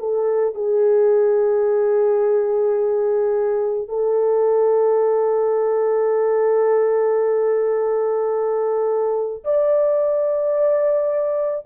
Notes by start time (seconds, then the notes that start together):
0.00 A4
0.55 G#4
3.88 A4
9.44 D5